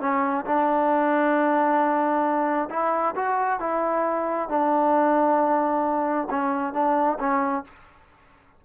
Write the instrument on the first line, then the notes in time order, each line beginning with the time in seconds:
trombone
0.00 C#4
0.45 D4
2.69 E4
3.15 F#4
3.59 E4
4.48 D4
6.30 C#4
6.73 D4
7.19 C#4